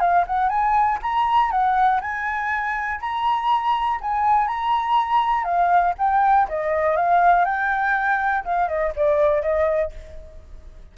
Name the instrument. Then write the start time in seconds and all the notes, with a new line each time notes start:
flute
0.00 F5
0.27 F#5
0.49 G#5
1.02 A#5
1.51 F#5
2.01 G#5
3.01 A#5
4.01 G#5
4.48 A#5
5.44 F5
5.98 G5
6.49 D#5
6.96 F5
7.45 G5
8.45 F5
8.68 D#5
8.96 D5
9.42 D#5